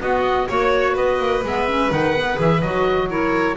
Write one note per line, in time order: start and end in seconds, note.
0.00 0.47 B3
0.00 0.48 B3
0.00 0.48 F#4
0.00 0.48 D#5
0.48 0.96 A#3
0.48 1.43 F#4
0.48 0.93 C#5
0.48 0.96 C#5
0.93 1.19 B3
0.93 3.05 B4
0.93 1.44 D#5
1.19 1.42 A#3
1.43 1.90 G#3
1.43 1.68 B3
1.43 1.92 E5
1.68 1.89 C#4
1.89 2.38 D#3
1.89 2.13 D#4
1.89 2.39 F#5
2.15 2.35 B3
2.35 2.62 E3
2.35 2.58 G#4
2.35 2.61 E5
2.61 3.56 F#3
2.61 3.07 F#4
2.61 3.08 D#5
3.07 3.55 E4
3.07 3.56 A#4
3.07 3.56 C#5